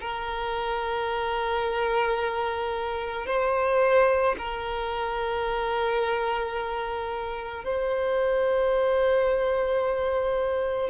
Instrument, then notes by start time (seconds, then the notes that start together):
violin
0.00 A#4
3.26 C5
4.38 A#4
7.64 C5